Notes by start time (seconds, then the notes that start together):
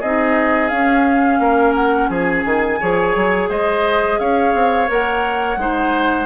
0.00 C4 D#4 G#4 D#5
0.68 C#4 F5
1.39 A#3 A#4
1.75 F#5
2.10 F3 G#4 G#5
2.45 D#3
2.80 F3 G#4 C#5
3.16 F#3
3.49 G#3 C5 D#5
4.20 C#4 C#5 F5
4.54 C4
4.87 A#3 A#4 F#5
5.57 G#3 D#4 C5